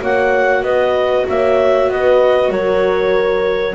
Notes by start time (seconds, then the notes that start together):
0.00 A#3 F#4 C#5 F#5
0.63 B3 B4 D#5
1.29 A#3 C#5 E5
1.89 B3 B4 D#5
2.49 F#3 A#4 C#5